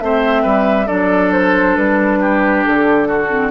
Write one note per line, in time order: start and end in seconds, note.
0.00 0.45 A3
0.00 0.87 C4
0.00 0.43 C5
0.00 0.88 E5
0.43 0.89 G3
0.43 0.87 B4
0.87 1.77 F#3
0.87 3.29 D4
0.87 2.19 A4
0.87 1.32 D5
1.32 1.76 C5
1.76 2.65 G3
1.76 2.64 B4
2.21 3.08 G4
2.65 3.52 D3
2.65 3.52 A4
3.08 3.52 F#4
3.29 3.51 C4